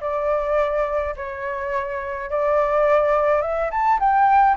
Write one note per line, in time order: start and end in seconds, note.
0.00 1.14 D5
1.16 2.30 C#5
2.30 3.41 D5
3.41 3.70 E5
3.70 3.99 A5
3.99 4.56 G5